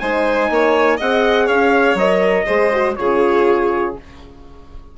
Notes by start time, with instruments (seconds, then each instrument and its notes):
0.00 bassoon G#3, horn D#4, violin C5, trumpet G#5
0.50 bassoon A#3, violin C#5
0.97 bassoon C4, horn G#4, violin D#5, trumpet F#5
1.46 bassoon C#4, violin C#5, trumpet F5
1.95 bassoon F#3, horn A#4, trumpet D#5
2.46 bassoon G#3, horn G#4, violin C5
2.73 horn F#4
2.96 bassoon C#3, horn F4, violin G#4, trumpet C#5